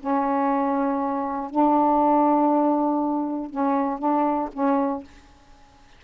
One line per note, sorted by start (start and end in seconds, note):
0.00 1.50 C#4
1.50 3.50 D4
3.50 3.99 C#4
3.99 4.49 D4
4.53 5.04 C#4